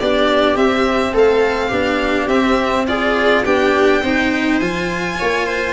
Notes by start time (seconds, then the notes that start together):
0.00 B3 D4 G4 D5
0.56 C4 E5
1.13 A3 A4 F5
1.68 B3 D4 G4
2.27 C4 E5
2.87 F4 G#4 D5
3.45 B3 D4 G4 G5
4.03 C4 D#4 C5
4.60 F3 F4 G#5
5.19 A#3 C#5
5.46 C5